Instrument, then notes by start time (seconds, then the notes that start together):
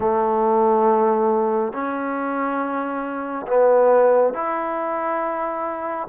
trombone
0.00 A3
1.72 C#4
3.47 B3
4.33 E4